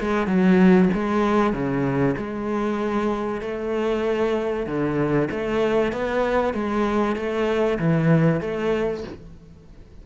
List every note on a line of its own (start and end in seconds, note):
0.00 0.26 G#3
0.26 0.89 F#3
0.93 1.53 G#3
1.53 2.16 C#3
2.17 3.41 G#3
3.41 4.66 A3
4.66 5.29 D3
5.31 5.92 A3
5.92 6.53 B3
6.53 7.16 G#3
7.16 7.78 A3
7.79 8.41 E3
8.41 9.03 A3